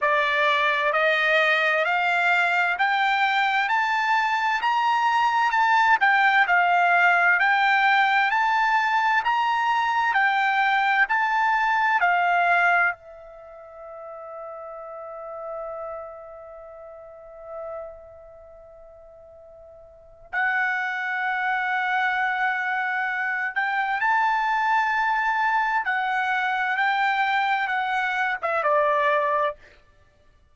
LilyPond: \new Staff \with { instrumentName = "trumpet" } { \time 4/4 \tempo 4 = 65 d''4 dis''4 f''4 g''4 | a''4 ais''4 a''8 g''8 f''4 | g''4 a''4 ais''4 g''4 | a''4 f''4 e''2~ |
e''1~ | e''2 fis''2~ | fis''4. g''8 a''2 | fis''4 g''4 fis''8. e''16 d''4 | }